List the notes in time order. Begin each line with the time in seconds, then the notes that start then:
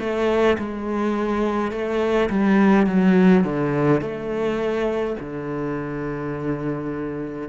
0.00 A3
0.59 G#3
1.72 A3
2.30 G3
2.86 F#3
3.45 D3
4.01 A3
5.20 D3